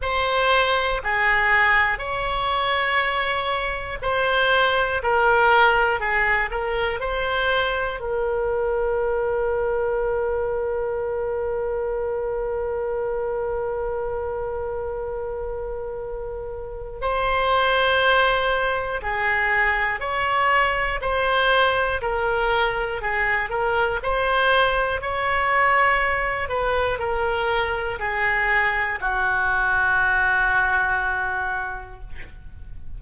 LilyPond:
\new Staff \with { instrumentName = "oboe" } { \time 4/4 \tempo 4 = 60 c''4 gis'4 cis''2 | c''4 ais'4 gis'8 ais'8 c''4 | ais'1~ | ais'1~ |
ais'4 c''2 gis'4 | cis''4 c''4 ais'4 gis'8 ais'8 | c''4 cis''4. b'8 ais'4 | gis'4 fis'2. | }